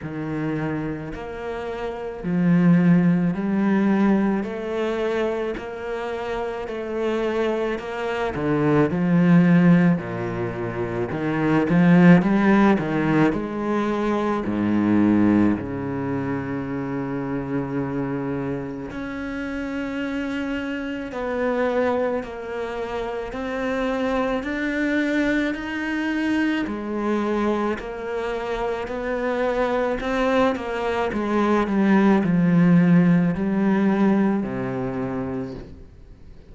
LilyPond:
\new Staff \with { instrumentName = "cello" } { \time 4/4 \tempo 4 = 54 dis4 ais4 f4 g4 | a4 ais4 a4 ais8 d8 | f4 ais,4 dis8 f8 g8 dis8 | gis4 gis,4 cis2~ |
cis4 cis'2 b4 | ais4 c'4 d'4 dis'4 | gis4 ais4 b4 c'8 ais8 | gis8 g8 f4 g4 c4 | }